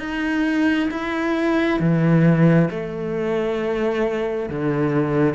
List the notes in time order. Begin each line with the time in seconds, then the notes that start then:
0.00 D#4
0.91 E4
1.80 E3
2.71 A3
4.49 D3